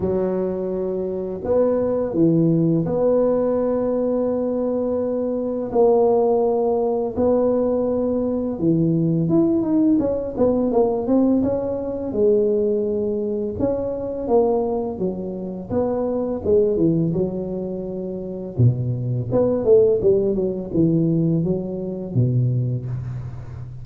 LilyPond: \new Staff \with { instrumentName = "tuba" } { \time 4/4 \tempo 4 = 84 fis2 b4 e4 | b1 | ais2 b2 | e4 e'8 dis'8 cis'8 b8 ais8 c'8 |
cis'4 gis2 cis'4 | ais4 fis4 b4 gis8 e8 | fis2 b,4 b8 a8 | g8 fis8 e4 fis4 b,4 | }